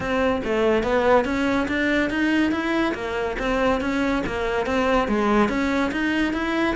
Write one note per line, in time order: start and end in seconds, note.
0.00 0.41 C4
0.44 0.83 A3
0.83 1.24 B3
1.24 1.67 C#4
1.68 2.10 D4
2.10 2.51 D#4
2.51 2.93 E4
2.94 3.36 A#3
3.38 3.80 C4
3.80 4.23 C#4
4.26 4.66 A#3
4.66 5.08 C4
5.08 5.49 G#3
5.49 5.91 C#4
5.91 6.33 D#4
6.33 6.75 E4